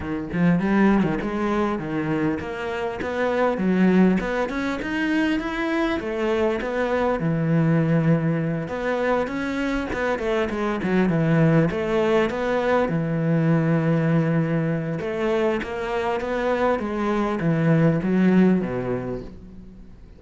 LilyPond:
\new Staff \with { instrumentName = "cello" } { \time 4/4 \tempo 4 = 100 dis8 f8 g8. dis16 gis4 dis4 | ais4 b4 fis4 b8 cis'8 | dis'4 e'4 a4 b4 | e2~ e8 b4 cis'8~ |
cis'8 b8 a8 gis8 fis8 e4 a8~ | a8 b4 e2~ e8~ | e4 a4 ais4 b4 | gis4 e4 fis4 b,4 | }